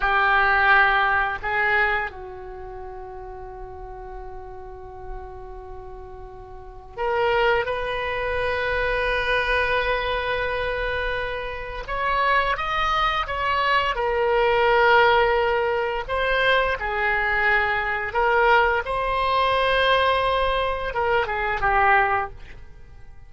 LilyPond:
\new Staff \with { instrumentName = "oboe" } { \time 4/4 \tempo 4 = 86 g'2 gis'4 fis'4~ | fis'1~ | fis'2 ais'4 b'4~ | b'1~ |
b'4 cis''4 dis''4 cis''4 | ais'2. c''4 | gis'2 ais'4 c''4~ | c''2 ais'8 gis'8 g'4 | }